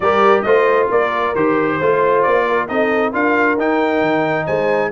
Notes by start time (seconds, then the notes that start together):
0.00 G3 G4 A#4 D5
0.42 A3 F4 C5 D#5
0.90 A#3 A#4 D5
1.35 D#3 G4 C5
1.78 A3 F4 C5
2.22 A#3 D5
2.47 A#4
2.68 C4 D#4 A4 D#5
3.12 D4 F4 A#4 F5
3.57 D#4 G5
4.01 D#3
4.46 G#3 C5 G#5